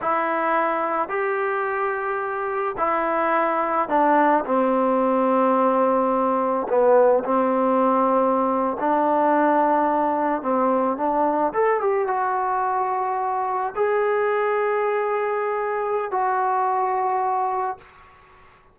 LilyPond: \new Staff \with { instrumentName = "trombone" } { \time 4/4 \tempo 4 = 108 e'2 g'2~ | g'4 e'2 d'4 | c'1 | b4 c'2~ c'8. d'16~ |
d'2~ d'8. c'4 d'16~ | d'8. a'8 g'8 fis'2~ fis'16~ | fis'8. gis'2.~ gis'16~ | gis'4 fis'2. | }